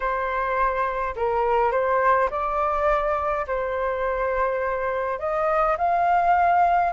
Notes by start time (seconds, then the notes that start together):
0.00 C5
1.16 A#4
1.71 C5
2.30 D5
3.47 C5
5.19 D#5
5.77 F5